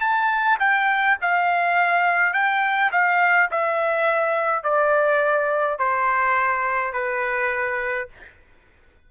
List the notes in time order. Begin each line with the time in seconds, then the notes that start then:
0.00 A5
0.60 G5
1.22 F5
2.33 G5
2.92 F5
3.51 E5
4.64 D5
5.79 C5
6.93 B4